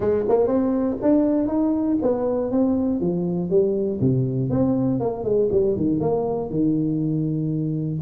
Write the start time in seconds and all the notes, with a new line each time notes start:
0.00 G#3
0.28 A#3
0.47 C4
1.02 D4
1.47 D#4
2.02 B3
2.51 C4
3.00 F3
3.50 G3
4.00 C3
4.50 C4
5.00 A#3
5.23 G#3
5.51 G3
5.76 D#3
6.00 A#3
6.50 D#3